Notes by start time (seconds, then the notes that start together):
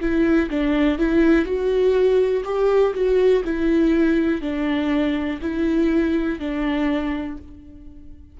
0.00 E4
0.50 D4
0.98 E4
1.45 F#4
2.44 G4
2.94 F#4
3.44 E4
4.41 D4
5.41 E4
6.39 D4